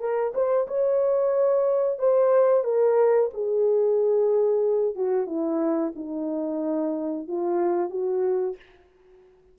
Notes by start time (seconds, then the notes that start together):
0.00 A#4
0.34 C5
0.68 C#5
1.99 C5
2.64 A#4
3.34 G#4
4.95 F#4
5.26 E4
5.96 D#4
7.28 F4
7.90 F#4